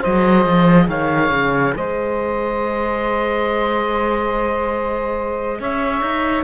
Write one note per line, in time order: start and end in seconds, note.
0.00 0.46 F#3
0.00 6.44 G#4
0.00 0.86 C5
0.00 0.89 D#5
0.46 0.88 F3
0.88 1.30 D#3
0.88 1.74 C#5
0.88 1.75 F5
1.30 1.73 C#3
1.76 5.60 G#3
1.76 5.60 C5
1.76 5.63 D#5
5.60 6.01 C#4
5.60 6.44 C#5
5.60 6.44 E5
6.01 6.44 D#4